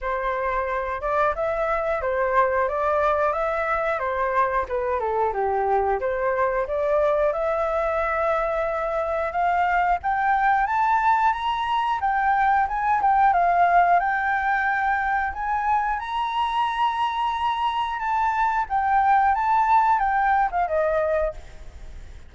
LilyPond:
\new Staff \with { instrumentName = "flute" } { \time 4/4 \tempo 4 = 90 c''4. d''8 e''4 c''4 | d''4 e''4 c''4 b'8 a'8 | g'4 c''4 d''4 e''4~ | e''2 f''4 g''4 |
a''4 ais''4 g''4 gis''8 g''8 | f''4 g''2 gis''4 | ais''2. a''4 | g''4 a''4 g''8. f''16 dis''4 | }